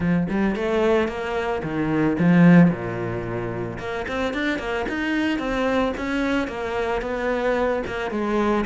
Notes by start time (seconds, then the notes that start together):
0.00 F3
0.29 G3
0.55 A3
1.08 A#3
1.63 D#3
2.18 F3
2.70 A#2
3.78 A#3
4.08 C4
4.33 D4
4.58 A#3
4.88 D#4
5.39 C4
5.97 C#4
6.47 A#3
7.01 B3
7.86 A#3
8.10 G#3